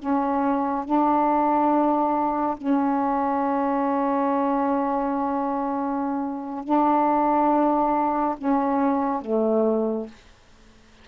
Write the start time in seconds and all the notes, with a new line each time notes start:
0.00 C#4
0.85 D4
2.58 C#4
6.65 D4
8.38 C#4
9.22 A3